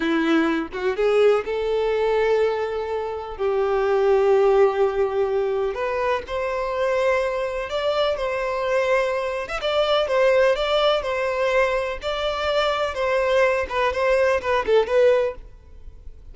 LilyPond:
\new Staff \with { instrumentName = "violin" } { \time 4/4 \tempo 4 = 125 e'4. fis'8 gis'4 a'4~ | a'2. g'4~ | g'1 | b'4 c''2. |
d''4 c''2~ c''8. e''16 | d''4 c''4 d''4 c''4~ | c''4 d''2 c''4~ | c''8 b'8 c''4 b'8 a'8 b'4 | }